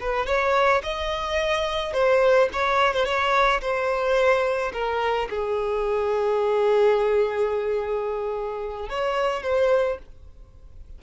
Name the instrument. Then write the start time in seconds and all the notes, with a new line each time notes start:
violin
0.00 B4
0.26 C#5
0.83 D#5
1.93 C5
2.53 C#5
2.93 C5
3.05 C#5
3.61 C5
4.73 A#4
5.29 G#4
8.89 C#5
9.43 C5